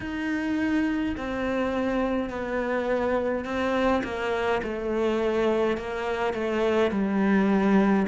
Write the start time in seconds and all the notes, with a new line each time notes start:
0.00 D#4
1.17 C4
2.29 B3
3.45 C4
4.03 A#3
4.63 A3
5.77 A#3
6.33 A3
6.91 G3